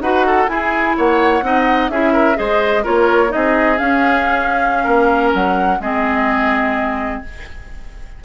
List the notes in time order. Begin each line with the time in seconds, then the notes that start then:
0.00 D#4 F#4 B4 F#5
0.26 A4
0.47 E4 G#4 G#5
0.97 A#3 C#5 F#5
1.42 C4 D#4 D#5
1.89 C#4 E4 G#4 E5
2.13 A#4
2.35 G#3 G#4 C5 D#5
2.83 A#3 F4 A#4 C#5
3.28 D#4 G#4 D#5
3.35 C4
3.77 C#4 F5
4.83 A#3 A#4
5.34 F#3 F#5
5.79 G#3 C4 G#4 D#5